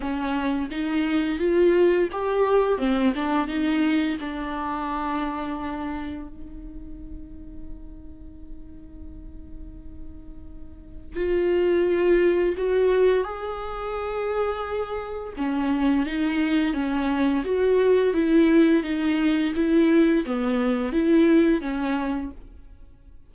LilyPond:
\new Staff \with { instrumentName = "viola" } { \time 4/4 \tempo 4 = 86 cis'4 dis'4 f'4 g'4 | c'8 d'8 dis'4 d'2~ | d'4 dis'2.~ | dis'1 |
f'2 fis'4 gis'4~ | gis'2 cis'4 dis'4 | cis'4 fis'4 e'4 dis'4 | e'4 b4 e'4 cis'4 | }